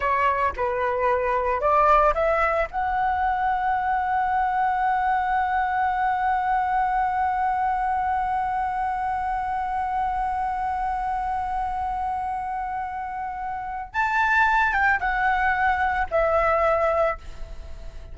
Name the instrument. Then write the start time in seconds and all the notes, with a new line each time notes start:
flute
0.00 C#5
0.56 B4
1.60 D5
2.14 E5
2.71 F#5
13.93 A5
14.72 G5
15.00 F#5
16.10 E5